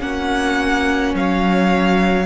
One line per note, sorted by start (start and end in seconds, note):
0.00 1.14 A#3
0.00 2.25 C#4
0.00 1.16 F#4
0.00 1.14 F#5
1.14 2.25 F#3
1.14 2.25 C#5
1.14 2.25 F5